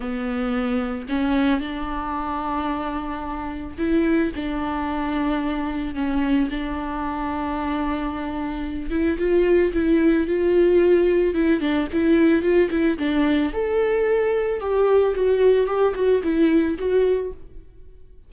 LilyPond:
\new Staff \with { instrumentName = "viola" } { \time 4/4 \tempo 4 = 111 b2 cis'4 d'4~ | d'2. e'4 | d'2. cis'4 | d'1~ |
d'8 e'8 f'4 e'4 f'4~ | f'4 e'8 d'8 e'4 f'8 e'8 | d'4 a'2 g'4 | fis'4 g'8 fis'8 e'4 fis'4 | }